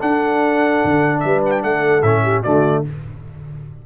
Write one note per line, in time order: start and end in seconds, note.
0.00 2.03 D4
0.00 0.83 D4
0.00 1.23 A4
0.00 1.20 F#5
0.85 1.24 D3
1.20 1.64 G3
1.20 1.65 B4
1.20 1.41 E5
1.46 1.52 F#5
1.46 1.62 G5
1.64 2.03 A3
1.64 2.23 A4
1.64 2.03 F#5
2.03 2.43 A2
2.03 2.45 C#4
2.03 2.43 E5
2.23 2.43 G4
2.43 2.86 D3
2.43 2.85 A3
2.43 2.83 F#4
2.43 2.84 D5